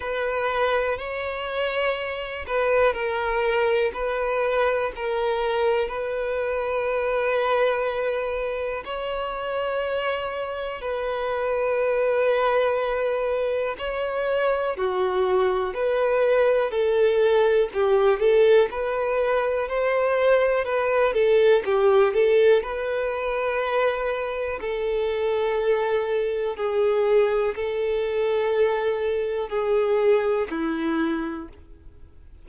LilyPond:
\new Staff \with { instrumentName = "violin" } { \time 4/4 \tempo 4 = 61 b'4 cis''4. b'8 ais'4 | b'4 ais'4 b'2~ | b'4 cis''2 b'4~ | b'2 cis''4 fis'4 |
b'4 a'4 g'8 a'8 b'4 | c''4 b'8 a'8 g'8 a'8 b'4~ | b'4 a'2 gis'4 | a'2 gis'4 e'4 | }